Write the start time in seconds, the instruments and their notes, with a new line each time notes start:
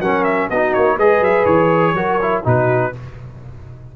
0.00 tuba F#3, trombone C#4, horn A#4, trumpet F#5
0.24 trumpet E5
0.50 tuba B3, trombone D#4, horn F#4, trumpet D#5
0.74 tuba A#3, trumpet C#5
0.96 tuba G#3, trombone G#4, horn B4, trumpet D#5
1.20 tuba F#3, trumpet E5
1.45 tuba E3, trumpet C#5
1.94 tuba F#3, trombone F#4, horn A#4
2.21 trombone E4
2.44 tuba B2, trombone D#4, horn F#4, trumpet B4